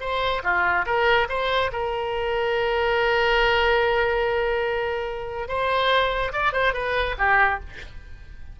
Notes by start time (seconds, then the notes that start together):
0.00 C5
0.43 F4
0.86 A#4
1.29 C5
1.72 A#4
5.48 C5
6.32 D5
6.52 C5
6.73 B4
7.18 G4